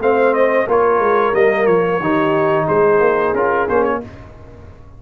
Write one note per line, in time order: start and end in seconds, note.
0.00 0.67 A3
0.00 0.67 C4
0.00 0.68 C5
0.00 0.34 F5
0.34 0.67 D#5
0.68 0.99 A#3
0.68 1.34 F4
0.68 2.01 A#4
0.68 1.35 C#5
0.99 1.33 G#3
1.34 1.67 G3
1.34 2.00 A#3
1.34 1.67 D#5
1.67 2.00 F3
1.67 2.67 C#5
2.00 2.67 D#3
2.00 3.37 D#4
2.00 2.65 G4
2.65 3.00 G#3
2.65 3.98 G#4
2.65 3.35 C5
3.00 3.34 A#3
3.34 3.68 C#4
3.34 3.69 F4
3.34 3.69 A#4
3.69 4.03 A#3
3.69 4.02 C#4
3.69 3.84 C5
3.84 4.01 C#5